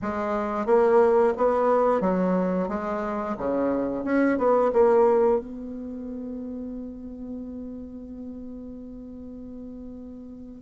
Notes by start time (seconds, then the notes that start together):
0.02 G#3
0.66 A#3
1.37 B3
2.00 F#3
2.68 G#3
3.37 C#3
4.04 C#4
4.38 B3
4.73 A#3
5.39 B3